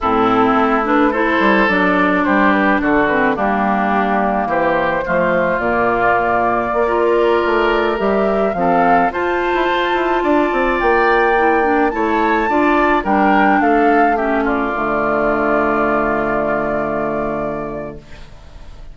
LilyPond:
<<
  \new Staff \with { instrumentName = "flute" } { \time 4/4 \tempo 4 = 107 a'4. b'8 c''4 d''4 | c''8 b'8 a'8 b'8 g'2 | c''2 d''2~ | d''2~ d''16 e''4 f''8.~ |
f''16 a''2. g''8.~ | g''4~ g''16 a''2 g''8.~ | g''16 f''4 e''8 d''2~ d''16~ | d''1 | }
  \new Staff \with { instrumentName = "oboe" } { \time 4/4 e'2 a'2 | g'4 fis'4 d'2 | g'4 f'2.~ | f'16 ais'2. a'8.~ |
a'16 c''2 d''4.~ d''16~ | d''4~ d''16 cis''4 d''4 ais'8.~ | ais'16 a'4 g'8 f'2~ f'16~ | f'1 | }
  \new Staff \with { instrumentName = "clarinet" } { \time 4/4 c'4. d'8 e'4 d'4~ | d'4. c'8 ais2~ | ais4 a4 ais2~ | ais16 f'2 g'4 c'8.~ |
c'16 f'2.~ f'8.~ | f'16 e'8 d'8 e'4 f'4 d'8.~ | d'4~ d'16 cis'4 a4.~ a16~ | a1 | }
  \new Staff \with { instrumentName = "bassoon" } { \time 4/4 a,4 a4. g8 fis4 | g4 d4 g2 | e4 f4 ais,2 | ais4~ ais16 a4 g4 f8.~ |
f16 f'8. e'16 f'8 e'8 d'8 c'8 ais8.~ | ais4~ ais16 a4 d'4 g8.~ | g16 a2 d4.~ d16~ | d1 | }
>>